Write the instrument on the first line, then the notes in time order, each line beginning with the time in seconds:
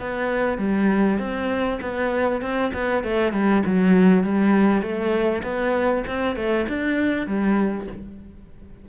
cello
0.00 B3
0.58 G3
1.19 C4
1.82 B3
2.42 C4
2.74 B3
3.04 A3
3.33 G3
3.66 F#3
4.24 G3
4.82 A3
5.44 B3
6.07 C4
6.36 A3
6.69 D4
7.27 G3